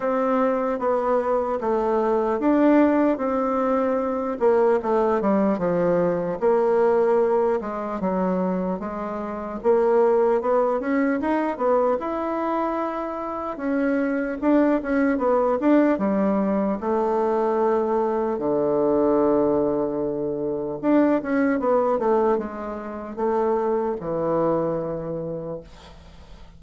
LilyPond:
\new Staff \with { instrumentName = "bassoon" } { \time 4/4 \tempo 4 = 75 c'4 b4 a4 d'4 | c'4. ais8 a8 g8 f4 | ais4. gis8 fis4 gis4 | ais4 b8 cis'8 dis'8 b8 e'4~ |
e'4 cis'4 d'8 cis'8 b8 d'8 | g4 a2 d4~ | d2 d'8 cis'8 b8 a8 | gis4 a4 e2 | }